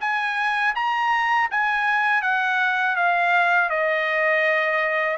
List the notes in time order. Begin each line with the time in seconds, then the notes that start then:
0.00 G#5
0.75 A#5
1.51 G#5
2.22 F#5
2.96 F5
3.69 D#5